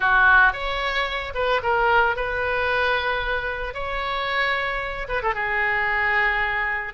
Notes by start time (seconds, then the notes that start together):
0.00 F#4
0.52 C#5
1.34 B4
1.62 A#4
2.16 B4
3.74 C#5
5.08 B4
5.22 A4
5.34 G#4